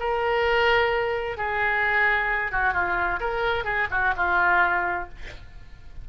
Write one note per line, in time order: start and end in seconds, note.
0.00 1.38 A#4
1.38 2.52 G#4
2.52 2.74 F#4
2.74 3.20 F4
3.20 3.65 A#4
3.65 3.88 G#4
3.91 4.14 F#4
4.17 5.09 F4